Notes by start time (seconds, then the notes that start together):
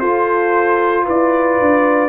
0.00 F4 A4 C5
1.05 E4 B4 D5
1.61 D4